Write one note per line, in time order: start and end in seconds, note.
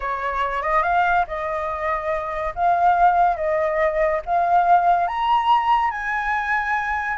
0.00 0.62 C#5
0.62 0.83 D#5
0.83 1.25 F5
1.27 2.54 D#5
2.55 3.36 F5
3.36 4.21 D#5
4.25 5.07 F5
5.07 5.91 A#5
5.91 7.17 G#5